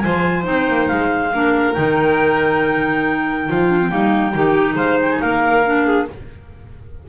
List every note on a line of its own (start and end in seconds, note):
0.00 0.47 F3
0.00 0.43 F4
0.00 1.33 C5
0.00 0.43 G#5
0.43 0.68 C4
0.43 1.30 D#4
0.43 0.88 G5
0.68 0.90 A#3
0.88 1.33 G#3
0.88 1.74 F5
1.33 1.77 A#3
1.33 1.75 D4
1.33 3.48 A#4
1.74 3.50 D#3
1.74 3.69 D#4
1.74 4.76 G5
3.48 3.91 F3
3.48 3.92 F4
3.69 3.79 D4
3.81 3.90 C4
3.90 4.35 G3
3.90 4.33 A#3
3.90 4.35 D#4
4.34 4.75 D#3
4.34 5.64 D#4
4.34 4.76 G4
4.75 5.18 G#3
4.75 5.19 C5
4.75 4.98 F5
5.01 5.12 G5
5.12 5.21 G#5
5.21 6.09 A#3
5.21 5.85 A#4
5.21 6.08 F5
5.65 6.08 D4
5.85 6.07 G#4